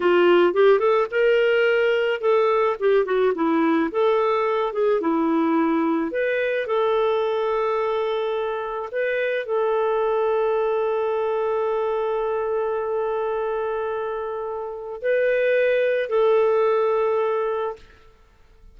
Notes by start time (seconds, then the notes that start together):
0.00 F4
0.53 G4
0.79 A4
1.11 A#4
2.20 A4
2.79 G4
3.05 F#4
3.34 E4
3.91 A4
4.72 G#4
5.01 E4
6.11 B4
6.67 A4
8.91 B4
9.45 A4
15.02 B4
16.09 A4